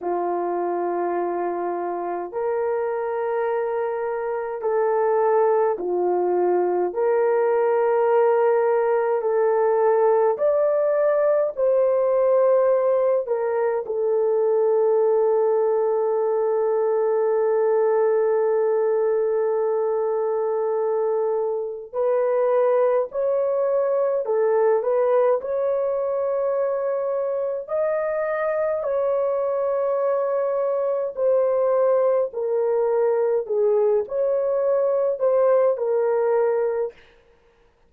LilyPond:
\new Staff \with { instrumentName = "horn" } { \time 4/4 \tempo 4 = 52 f'2 ais'2 | a'4 f'4 ais'2 | a'4 d''4 c''4. ais'8 | a'1~ |
a'2. b'4 | cis''4 a'8 b'8 cis''2 | dis''4 cis''2 c''4 | ais'4 gis'8 cis''4 c''8 ais'4 | }